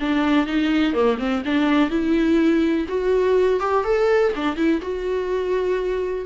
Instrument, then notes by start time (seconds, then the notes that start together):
viola
0.00 D4
0.47 D#4
0.93 A#3
1.19 C4
1.45 D4
1.90 E4
2.88 F#4
3.60 G4
3.85 A4
4.35 D4
4.57 E4
4.82 F#4